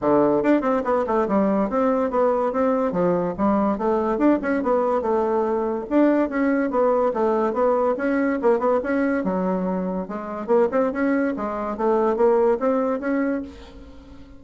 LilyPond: \new Staff \with { instrumentName = "bassoon" } { \time 4/4 \tempo 4 = 143 d4 d'8 c'8 b8 a8 g4 | c'4 b4 c'4 f4 | g4 a4 d'8 cis'8 b4 | a2 d'4 cis'4 |
b4 a4 b4 cis'4 | ais8 b8 cis'4 fis2 | gis4 ais8 c'8 cis'4 gis4 | a4 ais4 c'4 cis'4 | }